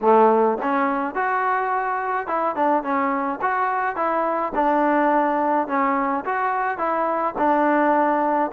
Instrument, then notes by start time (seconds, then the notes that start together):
trombone
0.01 A3
0.61 C#4
1.14 F#4
2.27 E4
2.55 D4
2.83 C#4
3.41 F#4
3.96 E4
4.55 D4
5.67 C#4
6.25 F#4
6.78 E4
7.38 D4